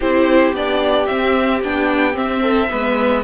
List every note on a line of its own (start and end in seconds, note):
0.00 0.53 C4
0.00 0.55 E4
0.00 2.41 G4
0.00 0.54 C5
0.53 1.07 B3
0.53 1.06 D4
0.53 1.06 D5
1.06 1.60 C4
1.06 1.63 C4
1.06 1.60 E5
1.63 2.17 B3
1.63 2.13 D4
1.63 2.16 G5
2.13 2.67 C4
2.13 2.71 C4
2.13 3.23 E5
2.41 2.68 A4
2.69 3.23 G#3
2.69 3.23 B3
2.69 3.23 B4